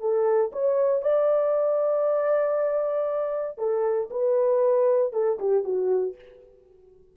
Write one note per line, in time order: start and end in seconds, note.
0.00 0.51 A4
0.52 1.02 C#5
1.02 3.58 D5
3.58 4.09 A4
4.10 5.13 B4
5.13 5.38 A4
5.39 5.64 G4
5.64 6.15 F#4